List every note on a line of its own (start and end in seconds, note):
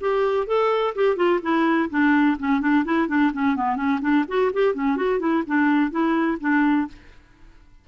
0.00 0.47 G4
0.47 0.94 A4
0.95 1.16 G4
1.16 1.40 F4
1.42 1.89 E4
1.90 2.37 D4
2.39 2.60 C#4
2.60 2.84 D4
2.85 3.08 E4
3.08 3.31 D4
3.33 3.56 C#4
3.56 3.76 B3
3.76 3.99 C#4
4.01 4.24 D4
4.28 4.51 F#4
4.53 4.74 G4
4.74 4.96 C#4
4.96 5.19 F#4
5.19 5.43 E4
5.47 5.91 D4
5.91 6.38 E4
6.40 6.87 D4